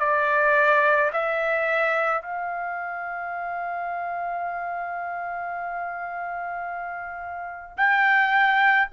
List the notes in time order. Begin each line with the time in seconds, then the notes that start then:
0.00 D5
1.13 E5
2.22 F5
7.78 G5